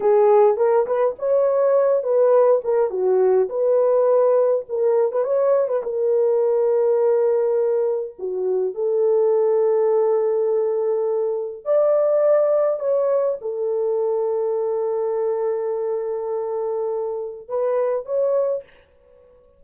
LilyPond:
\new Staff \with { instrumentName = "horn" } { \time 4/4 \tempo 4 = 103 gis'4 ais'8 b'8 cis''4. b'8~ | b'8 ais'8 fis'4 b'2 | ais'8. b'16 cis''8. b'16 ais'2~ | ais'2 fis'4 a'4~ |
a'1 | d''2 cis''4 a'4~ | a'1~ | a'2 b'4 cis''4 | }